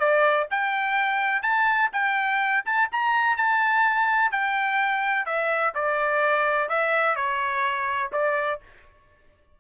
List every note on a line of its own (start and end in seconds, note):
0.00 0.48 D5
0.51 1.43 G5
1.43 1.90 A5
1.93 2.65 G5
2.66 2.90 A5
2.92 3.37 A#5
3.37 4.32 A5
4.32 5.26 G5
5.26 5.74 E5
5.75 6.69 D5
6.69 7.16 E5
7.16 8.11 C#5
8.13 8.61 D5